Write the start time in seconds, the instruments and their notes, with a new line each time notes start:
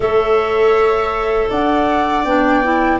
0.00 tuba A3, clarinet A4, viola C#5, flute E5
1.50 tuba D4, viola D5, flute F#5
2.24 tuba B3, clarinet D4, flute G5
2.63 clarinet E4